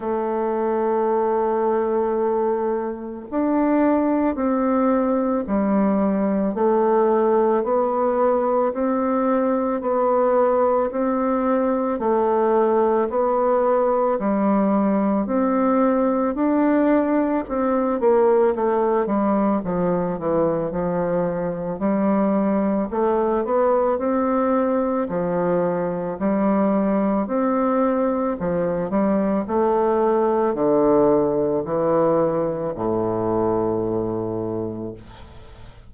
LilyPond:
\new Staff \with { instrumentName = "bassoon" } { \time 4/4 \tempo 4 = 55 a2. d'4 | c'4 g4 a4 b4 | c'4 b4 c'4 a4 | b4 g4 c'4 d'4 |
c'8 ais8 a8 g8 f8 e8 f4 | g4 a8 b8 c'4 f4 | g4 c'4 f8 g8 a4 | d4 e4 a,2 | }